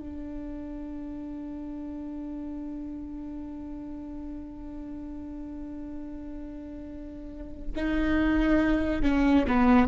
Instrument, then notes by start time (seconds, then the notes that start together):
viola
0.00 D4
7.76 D#4
9.03 C#4
9.48 B3